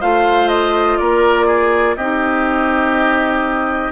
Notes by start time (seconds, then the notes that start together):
0.00 A3 F4 C5 F5
0.48 D#5
0.98 A#3 A#4 D5
1.46 G#4
1.96 C4 D#4 G4 D#5